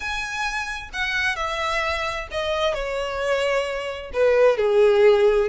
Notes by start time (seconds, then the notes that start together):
0.00 G#5
0.93 F#5
1.36 E5
2.31 D#5
2.74 C#5
4.13 B4
4.57 G#4